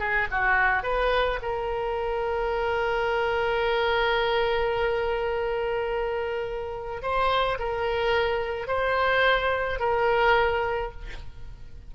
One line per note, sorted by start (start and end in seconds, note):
0.00 0.28 G#4
0.31 0.84 F#4
0.84 1.40 B4
1.42 7.02 A#4
7.02 7.59 C5
7.60 8.68 A#4
8.68 9.80 C5
9.80 10.92 A#4